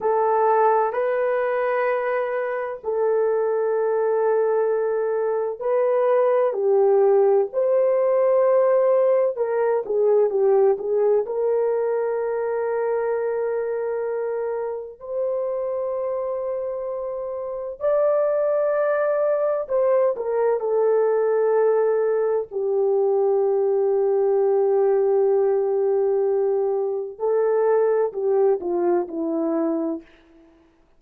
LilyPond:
\new Staff \with { instrumentName = "horn" } { \time 4/4 \tempo 4 = 64 a'4 b'2 a'4~ | a'2 b'4 g'4 | c''2 ais'8 gis'8 g'8 gis'8 | ais'1 |
c''2. d''4~ | d''4 c''8 ais'8 a'2 | g'1~ | g'4 a'4 g'8 f'8 e'4 | }